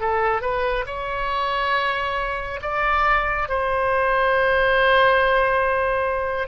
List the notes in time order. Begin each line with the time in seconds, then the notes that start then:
0.00 A4
0.42 B4
0.86 C#5
2.62 D5
3.49 C5